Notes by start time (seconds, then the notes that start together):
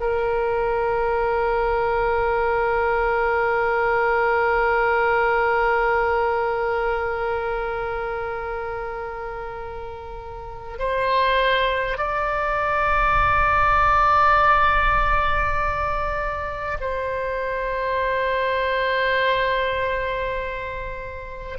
0.00 A#4
10.78 C5
11.97 D5
16.81 C5